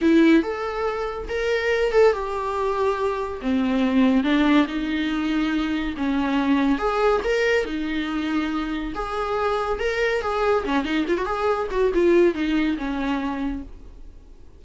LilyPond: \new Staff \with { instrumentName = "viola" } { \time 4/4 \tempo 4 = 141 e'4 a'2 ais'4~ | ais'8 a'8 g'2. | c'2 d'4 dis'4~ | dis'2 cis'2 |
gis'4 ais'4 dis'2~ | dis'4 gis'2 ais'4 | gis'4 cis'8 dis'8 f'16 fis'16 gis'4 fis'8 | f'4 dis'4 cis'2 | }